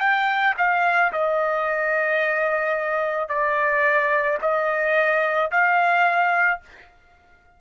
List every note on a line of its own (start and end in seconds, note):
0.00 0.55 G5
0.58 1.12 F5
1.13 3.29 D#5
3.29 4.38 D5
4.42 5.51 D#5
5.51 6.60 F5